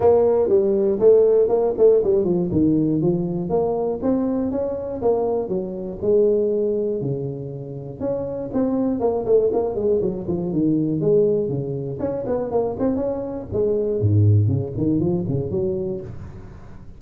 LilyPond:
\new Staff \with { instrumentName = "tuba" } { \time 4/4 \tempo 4 = 120 ais4 g4 a4 ais8 a8 | g8 f8 dis4 f4 ais4 | c'4 cis'4 ais4 fis4 | gis2 cis2 |
cis'4 c'4 ais8 a8 ais8 gis8 | fis8 f8 dis4 gis4 cis4 | cis'8 b8 ais8 c'8 cis'4 gis4 | gis,4 cis8 dis8 f8 cis8 fis4 | }